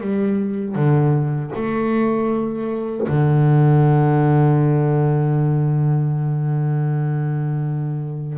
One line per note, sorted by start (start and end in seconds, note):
0.00 0.75 G3
0.75 1.51 D3
1.55 3.07 A3
3.08 8.38 D3